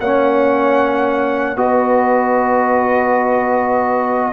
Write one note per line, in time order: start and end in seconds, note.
0.00 1.56 A#3
0.00 1.57 C#4
0.00 1.59 C#5
0.00 1.57 F#5
1.56 4.32 B3
1.56 4.33 F#4
1.56 4.33 B4
1.56 4.33 D#5